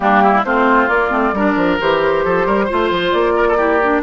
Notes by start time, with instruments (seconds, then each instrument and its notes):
0.00 bassoon G3, clarinet A#3, oboe D4, flute G4
0.22 oboe E4
0.44 bassoon A3, clarinet C4, oboe F4, flute C5
0.87 bassoon A#3, clarinet A#3, flute D5
1.09 bassoon A3, clarinet C4
1.32 bassoon G3, clarinet D4, oboe A#4
1.56 bassoon F3
1.80 bassoon E3, clarinet G4, flute C5
2.25 bassoon F3, oboe A4
2.45 bassoon G3, oboe A#4
2.65 clarinet F4, oboe C5
2.72 bassoon A3
2.90 bassoon F3
3.11 bassoon A#3, flute D5
3.36 oboe A#4
3.48 oboe A4
3.57 clarinet E4, oboe G4
3.82 clarinet D4